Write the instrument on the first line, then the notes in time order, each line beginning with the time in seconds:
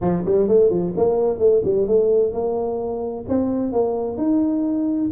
tuba
0.01 F3
0.25 G3
0.48 A3
0.70 F3
0.96 A#3
1.38 A3
1.64 G3
1.87 A3
2.32 A#3
3.28 C4
3.72 A#3
4.17 D#4